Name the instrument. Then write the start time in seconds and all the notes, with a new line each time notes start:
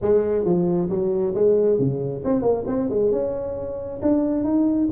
tuba
0.01 G#3
0.44 F3
0.89 F#3
1.34 G#3
1.79 C#3
2.24 C4
2.42 A#3
2.66 C4
2.89 G#3
3.11 C#4
4.02 D4
4.44 D#4